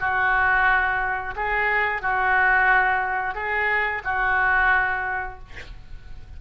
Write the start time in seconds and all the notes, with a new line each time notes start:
0.00 F#4
1.36 G#4
2.02 F#4
3.35 G#4
4.04 F#4